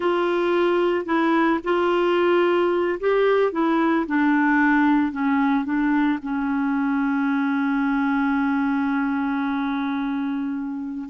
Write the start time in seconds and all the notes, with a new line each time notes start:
0.00 F4
1.05 E4
1.64 F4
3.00 G4
3.52 E4
4.06 D4
5.12 C#4
5.64 D4
6.22 C#4